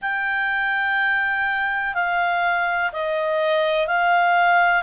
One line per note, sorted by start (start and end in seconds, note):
0.01 1.94 G5
1.94 2.91 F5
2.92 3.87 D#5
3.87 4.82 F5